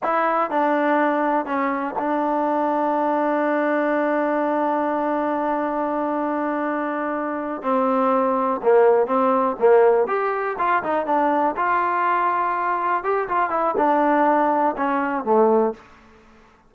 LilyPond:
\new Staff \with { instrumentName = "trombone" } { \time 4/4 \tempo 4 = 122 e'4 d'2 cis'4 | d'1~ | d'1~ | d'2.~ d'8 c'8~ |
c'4. ais4 c'4 ais8~ | ais8 g'4 f'8 dis'8 d'4 f'8~ | f'2~ f'8 g'8 f'8 e'8 | d'2 cis'4 a4 | }